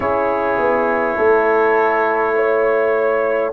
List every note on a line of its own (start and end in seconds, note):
0.00 0.58 C#4
0.00 3.52 E4
0.00 1.16 G#4
0.00 3.52 C#5
0.58 1.16 B3
1.16 3.52 A3
1.16 2.34 A4
2.36 3.52 C#5